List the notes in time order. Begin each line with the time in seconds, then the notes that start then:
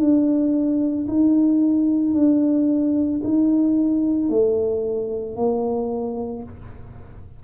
0.00 D4
1.08 D#4
2.15 D4
3.24 D#4
4.30 A3
5.36 A#3